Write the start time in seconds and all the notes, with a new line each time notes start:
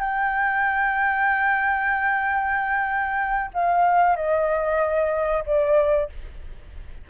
0.00 G5
3.53 F5
4.15 D#5
5.46 D5